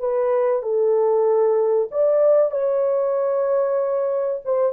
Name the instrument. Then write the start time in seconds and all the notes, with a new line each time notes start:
horn
0.00 B4
0.63 A4
1.91 D5
2.52 C#5
4.45 C5